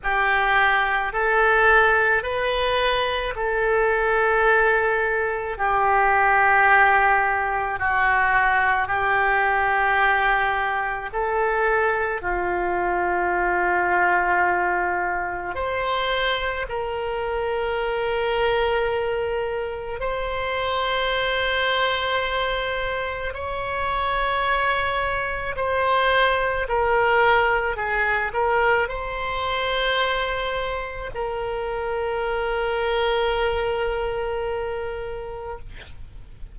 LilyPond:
\new Staff \with { instrumentName = "oboe" } { \time 4/4 \tempo 4 = 54 g'4 a'4 b'4 a'4~ | a'4 g'2 fis'4 | g'2 a'4 f'4~ | f'2 c''4 ais'4~ |
ais'2 c''2~ | c''4 cis''2 c''4 | ais'4 gis'8 ais'8 c''2 | ais'1 | }